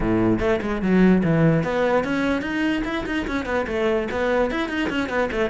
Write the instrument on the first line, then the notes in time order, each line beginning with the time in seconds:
cello
0.00 A2
0.39 A3
0.61 G#3
0.82 F#3
1.23 E3
1.63 B3
2.03 C#4
2.41 D#4
2.84 E4
3.06 D#4
3.27 C#4
3.45 B3
3.67 A3
4.11 B3
4.50 E4
4.68 D#4
4.89 C#4
5.09 B3
5.31 A3